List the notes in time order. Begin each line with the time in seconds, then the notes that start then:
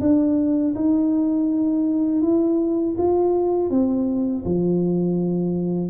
0.00 D4
0.75 D#4
2.22 E4
2.97 F4
3.70 C4
4.44 F3